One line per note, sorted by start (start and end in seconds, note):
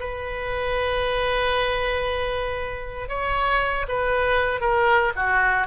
0.00 3.09 B4
3.09 3.87 C#5
3.88 4.61 B4
4.61 5.13 A#4
5.16 5.67 F#4